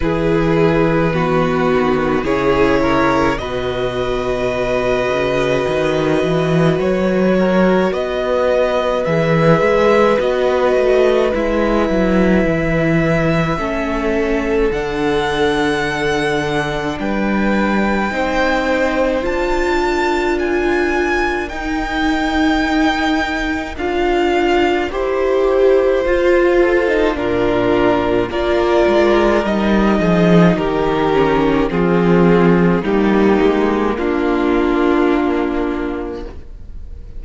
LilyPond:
<<
  \new Staff \with { instrumentName = "violin" } { \time 4/4 \tempo 4 = 53 b'2 cis''4 dis''4~ | dis''2 cis''4 dis''4 | e''4 dis''4 e''2~ | e''4 fis''2 g''4~ |
g''4 a''4 gis''4 g''4~ | g''4 f''4 c''2 | ais'4 d''4 dis''4 ais'4 | gis'4 g'4 f'2 | }
  \new Staff \with { instrumentName = "violin" } { \time 4/4 gis'4 fis'4 gis'8 ais'8 b'4~ | b'2~ b'8 ais'8 b'4~ | b'1 | a'2. b'4 |
c''4. ais'2~ ais'8~ | ais'2.~ ais'8 a'8 | f'4 ais'4. gis'8 g'4 | f'4 dis'4 d'2 | }
  \new Staff \with { instrumentName = "viola" } { \time 4/4 e'4 b4 e'4 fis'4~ | fis'1 | gis'4 fis'4 e'2 | cis'4 d'2. |
dis'4 f'2 dis'4~ | dis'4 f'4 g'4 f'8. dis'16 | d'4 f'4 dis'4. cis'8 | c'4 ais2. | }
  \new Staff \with { instrumentName = "cello" } { \time 4/4 e4. dis8 cis4 b,4~ | b,8 cis8 dis8 e8 fis4 b4 | e8 gis8 b8 a8 gis8 fis8 e4 | a4 d2 g4 |
c'4 d'2 dis'4~ | dis'4 d'4 e'4 f'4 | ais,4 ais8 gis8 g8 f8 dis4 | f4 g8 gis8 ais2 | }
>>